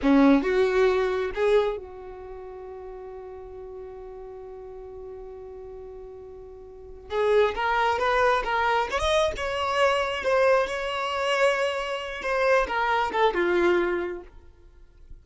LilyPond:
\new Staff \with { instrumentName = "violin" } { \time 4/4 \tempo 4 = 135 cis'4 fis'2 gis'4 | fis'1~ | fis'1~ | fis'1 |
gis'4 ais'4 b'4 ais'4 | cis''16 dis''8. cis''2 c''4 | cis''2.~ cis''8 c''8~ | c''8 ais'4 a'8 f'2 | }